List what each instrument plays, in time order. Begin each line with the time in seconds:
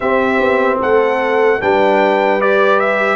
0.00 tuba C4, trombone C4, horn G4, trumpet E5
0.39 tuba B3
0.79 tuba A3, horn A4, trumpet F#5
1.60 tuba G3, trombone D4, horn B4, trumpet G5
2.40 trombone G4, trumpet D5
2.79 trumpet E5